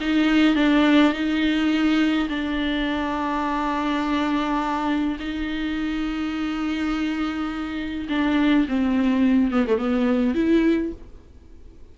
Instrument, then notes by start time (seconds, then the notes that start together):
viola
0.00 D#4
0.55 D4
1.12 D#4
2.29 D4
5.19 D#4
8.08 D4
8.68 C4
9.51 B3
9.67 A3
9.77 B3
10.34 E4